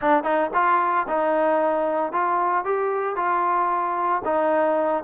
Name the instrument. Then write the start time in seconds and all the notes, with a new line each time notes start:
trombone
0.01 D4
0.23 D#4
0.53 F4
1.08 D#4
2.12 F4
2.64 G4
3.16 F4
4.25 D#4